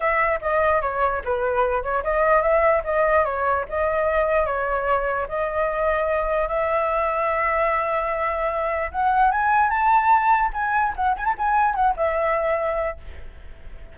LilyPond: \new Staff \with { instrumentName = "flute" } { \time 4/4 \tempo 4 = 148 e''4 dis''4 cis''4 b'4~ | b'8 cis''8 dis''4 e''4 dis''4 | cis''4 dis''2 cis''4~ | cis''4 dis''2. |
e''1~ | e''2 fis''4 gis''4 | a''2 gis''4 fis''8 gis''16 a''16 | gis''4 fis''8 e''2~ e''8 | }